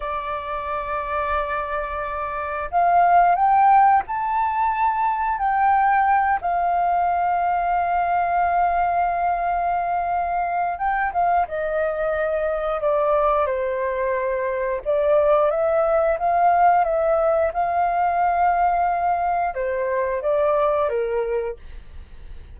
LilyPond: \new Staff \with { instrumentName = "flute" } { \time 4/4 \tempo 4 = 89 d''1 | f''4 g''4 a''2 | g''4. f''2~ f''8~ | f''1 |
g''8 f''8 dis''2 d''4 | c''2 d''4 e''4 | f''4 e''4 f''2~ | f''4 c''4 d''4 ais'4 | }